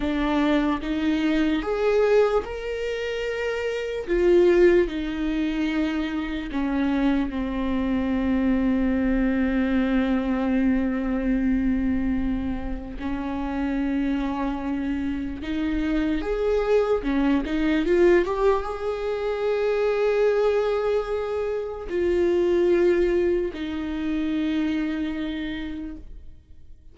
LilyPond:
\new Staff \with { instrumentName = "viola" } { \time 4/4 \tempo 4 = 74 d'4 dis'4 gis'4 ais'4~ | ais'4 f'4 dis'2 | cis'4 c'2.~ | c'1 |
cis'2. dis'4 | gis'4 cis'8 dis'8 f'8 g'8 gis'4~ | gis'2. f'4~ | f'4 dis'2. | }